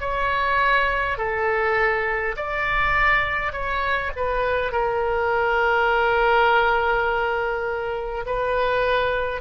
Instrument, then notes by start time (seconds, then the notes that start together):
oboe
0.00 C#5
1.18 A4
2.37 D5
3.53 C#5
4.16 B4
4.72 A#4
8.26 B4